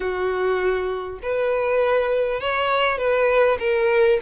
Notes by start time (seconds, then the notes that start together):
0.00 F#4
1.22 B4
2.40 C#5
2.98 B4
3.59 A#4